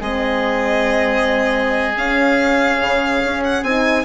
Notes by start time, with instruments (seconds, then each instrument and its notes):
0.00 bassoon G#3, horn C4, oboe G#4, violin D#5
1.96 bassoon C#4, horn C#4, violin F5
2.81 bassoon C#3
3.26 bassoon C#4
3.45 violin F#5
3.63 bassoon C4, horn D#4, violin G#5